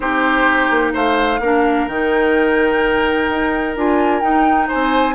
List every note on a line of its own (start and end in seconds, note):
0.00 0.69 C4
0.00 1.39 D#4
0.00 0.93 G4
0.00 0.90 C5
0.70 0.93 A#3
0.93 1.39 A3
0.93 1.40 C5
0.93 1.88 F5
1.39 1.86 A#3
1.39 1.90 D4
1.39 4.68 A#4
1.87 3.28 D#3
1.87 3.76 D#4
1.87 3.76 G5
3.29 3.76 D#4
3.76 4.22 D4
3.76 4.21 F4
3.76 4.20 G#5
4.20 5.15 D#4
4.20 4.69 D#4
4.20 4.67 G5
4.68 5.14 C5
4.68 5.15 G#5
4.74 5.15 C4